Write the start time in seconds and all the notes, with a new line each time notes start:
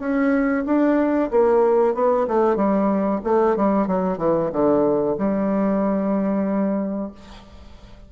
0.00 C#4
0.66 D4
1.31 A#3
1.95 B3
2.28 A3
2.56 G3
3.24 A3
3.56 G3
3.87 F#3
4.18 E3
4.52 D3
5.18 G3